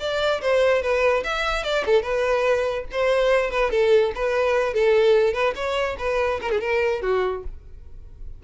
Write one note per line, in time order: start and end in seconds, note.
0.00 0.41 D5
0.42 0.83 C5
0.83 1.24 B4
1.24 1.64 E5
1.64 1.85 D5
1.86 2.03 A4
2.03 2.85 B4
2.92 3.51 C5
3.51 3.71 B4
3.71 4.13 A4
4.16 4.74 B4
4.74 5.34 A4
5.34 5.54 B4
5.56 5.97 C#5
5.99 6.41 B4
6.42 6.52 A#4
6.52 6.61 G#4
6.61 7.03 A#4
7.03 7.44 F#4